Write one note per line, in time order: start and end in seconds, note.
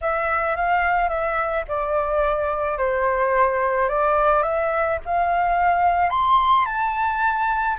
0.01 0.56 E5
0.56 1.08 F5
1.08 1.64 E5
1.68 2.78 D5
2.78 3.89 C5
3.89 4.43 D5
4.43 4.98 E5
5.05 6.10 F5
6.10 6.65 C6
6.65 7.77 A5